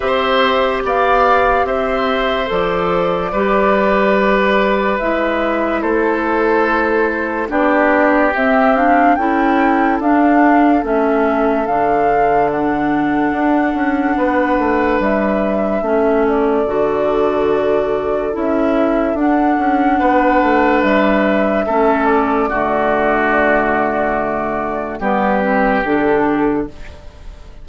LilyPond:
<<
  \new Staff \with { instrumentName = "flute" } { \time 4/4 \tempo 4 = 72 e''4 f''4 e''4 d''4~ | d''2 e''4 c''4~ | c''4 d''4 e''8 f''8 g''4 | f''4 e''4 f''4 fis''4~ |
fis''2 e''4. d''8~ | d''2 e''4 fis''4~ | fis''4 e''4. d''4.~ | d''2 b'4 a'4 | }
  \new Staff \with { instrumentName = "oboe" } { \time 4/4 c''4 d''4 c''2 | b'2. a'4~ | a'4 g'2 a'4~ | a'1~ |
a'4 b'2 a'4~ | a'1 | b'2 a'4 fis'4~ | fis'2 g'2 | }
  \new Staff \with { instrumentName = "clarinet" } { \time 4/4 g'2. a'4 | g'2 e'2~ | e'4 d'4 c'8 d'8 e'4 | d'4 cis'4 d'2~ |
d'2. cis'4 | fis'2 e'4 d'4~ | d'2 cis'4 a4~ | a2 b8 c'8 d'4 | }
  \new Staff \with { instrumentName = "bassoon" } { \time 4/4 c'4 b4 c'4 f4 | g2 gis4 a4~ | a4 b4 c'4 cis'4 | d'4 a4 d2 |
d'8 cis'8 b8 a8 g4 a4 | d2 cis'4 d'8 cis'8 | b8 a8 g4 a4 d4~ | d2 g4 d4 | }
>>